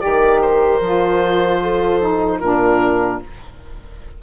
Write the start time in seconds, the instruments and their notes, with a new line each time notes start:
0.00 bassoon D#3, saxophone G4, horn A#4, oboe D5
0.42 oboe C5
0.81 bassoon F3, saxophone F4
1.62 horn A4
2.01 saxophone D#4
2.40 bassoon A#2, saxophone D4, horn F4, oboe A#4